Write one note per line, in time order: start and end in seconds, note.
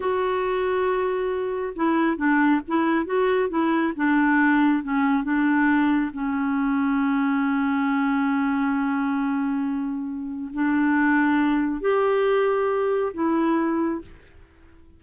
0.00 1.73 F#4
1.75 2.17 E4
2.17 2.60 D4
2.67 3.05 E4
3.05 3.49 F#4
3.49 3.93 E4
3.95 4.83 D4
4.83 5.23 C#4
5.23 6.11 D4
6.13 10.51 C#4
10.53 11.80 D4
11.80 13.12 G4
13.13 14.01 E4